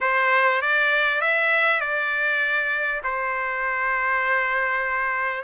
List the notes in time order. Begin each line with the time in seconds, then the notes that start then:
0.01 C5
0.61 D5
1.21 E5
1.80 D5
3.03 C5